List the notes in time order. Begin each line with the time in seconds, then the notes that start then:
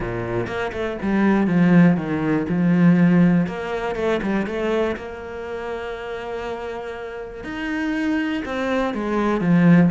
0.00 A#2
0.46 A#3
0.72 A3
1.02 G3
1.47 F3
1.97 D#3
2.49 F3
3.46 A#3
3.95 A3
4.22 G3
4.46 A3
4.96 A#3
7.44 D#4
8.45 C4
8.94 G#3
9.40 F3